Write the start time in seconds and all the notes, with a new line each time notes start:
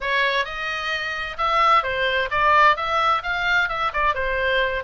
0.00 C#5
0.44 D#5
1.37 E5
1.83 C5
2.30 D5
2.76 E5
3.22 F5
3.68 E5
3.93 D5
4.14 C5